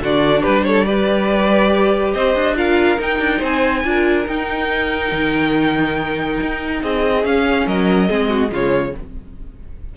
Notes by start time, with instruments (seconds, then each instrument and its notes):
0.00 cello D3, viola D4, violin F#4 D5
0.42 cello G3, violin G4 B4
0.64 violin A4 C#5
0.85 viola G4, violin B4 D5
2.14 cello C4, violin C5 D#5
2.35 cello D4
2.55 viola F4, violin A#4 F5
2.99 viola D#4, cello D#4, violin G5
3.20 cello D4
3.38 cello C4, violin C5 G#5
3.84 cello D4, viola F4, violin A#4
4.26 viola D#4, cello D#4, violin G5
5.12 cello D#3
6.41 cello D#4
6.82 cello C4, violin G#4 D#5
7.23 viola C#4, cello C#4, violin F5
7.67 cello F#3, violin A#4 D#5
8.09 cello G#3, viola C4, violin G#4
8.30 violin F#4
8.49 cello C#3, viola G#3, violin F4 C#5